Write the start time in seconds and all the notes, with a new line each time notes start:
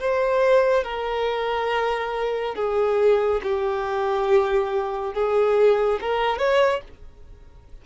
0.00 C5
0.84 A#4
2.56 G#4
3.43 G4
5.14 G#4
6.01 A#4
6.39 C#5